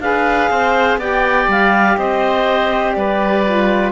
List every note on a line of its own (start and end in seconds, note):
0.00 0.49 D4
0.00 0.99 G#4
0.00 0.51 B4
0.00 0.99 F5
0.50 0.97 C4
0.50 0.99 C5
0.97 1.47 B3
0.97 3.45 G4
0.97 1.97 D5
0.97 1.49 G5
1.48 1.97 G3
1.48 1.98 F5
1.97 2.96 C4
1.97 2.97 C5
1.97 2.92 D#5
2.92 3.92 G3
2.92 3.92 B4
2.92 3.91 D5
3.45 3.92 F4